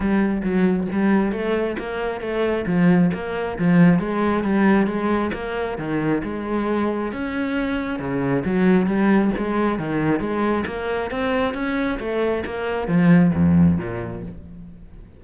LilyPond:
\new Staff \with { instrumentName = "cello" } { \time 4/4 \tempo 4 = 135 g4 fis4 g4 a4 | ais4 a4 f4 ais4 | f4 gis4 g4 gis4 | ais4 dis4 gis2 |
cis'2 cis4 fis4 | g4 gis4 dis4 gis4 | ais4 c'4 cis'4 a4 | ais4 f4 f,4 ais,4 | }